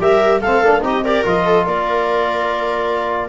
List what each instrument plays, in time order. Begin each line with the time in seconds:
0.00 tuba G3, trombone G4, viola A#4, clarinet E5
0.41 tuba A3, trombone C4, viola A4, clarinet F5
0.64 tuba A#3, trombone D4
0.81 tuba C4, trombone D#4, viola G4, clarinet D#5
1.04 trombone G4, viola A#4, clarinet D5
1.24 tuba F3, trombone F4, clarinet D#5
1.44 viola A4
1.64 tuba A#3, viola A#4, clarinet D5